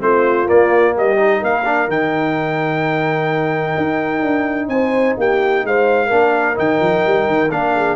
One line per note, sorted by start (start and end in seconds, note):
0.00 0.49 A3
0.00 0.46 C4
0.00 0.95 F4
0.00 0.49 C5
0.46 1.17 A#3
0.46 0.96 A#3
0.46 0.96 D5
0.95 1.43 G3
0.95 1.40 G4
0.95 1.44 D#5
1.17 1.64 D#4
1.40 1.89 A#3
1.40 4.68 A#4
1.40 1.91 F5
1.66 1.89 D4
1.89 3.76 D#3
1.89 6.10 D#4
1.89 4.69 G5
3.78 4.23 D#4
4.23 4.68 D4
4.68 5.15 C4
4.68 5.19 C5
4.68 5.16 G#5
5.18 5.64 A#3
5.18 5.66 G4
5.18 5.67 G5
5.64 6.11 G#3
5.64 6.07 C5
5.64 6.59 F5
6.07 6.58 A#3
6.07 6.55 D4
6.07 7.71 A#4
6.55 6.81 D#3
6.55 7.49 D#4
6.55 7.51 G5
6.81 7.04 F3
7.07 7.27 G3
7.27 7.50 D#3
7.50 7.96 A#3
7.50 7.96 D4
7.50 7.96 F5
7.75 7.96 G#4